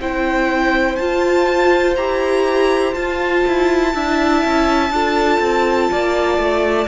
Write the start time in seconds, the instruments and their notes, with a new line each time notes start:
0.00 cello C4, viola E4, violin C5 G5
0.96 cello F4, viola F4, violin A5
1.96 cello E4, viola G4, violin A#5
2.94 viola F4, cello F4, violin A5
3.47 cello E4
3.93 cello D4, viola E4, violin E5
4.45 cello C#4
4.90 cello D4, viola F4, violin A4
5.40 cello C4
5.92 cello A#3, violin D5
6.38 cello A3